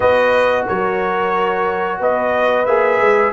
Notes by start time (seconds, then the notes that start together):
0.00 B3 F#4 B4 D#5
0.66 F#3 A#4 C#5
1.99 B3 B4 D#5
2.65 A#3 G#4 E5
3.00 G#3